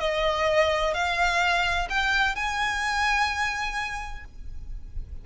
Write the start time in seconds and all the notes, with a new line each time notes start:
0.00 D#5
0.94 F5
1.90 G5
2.36 G#5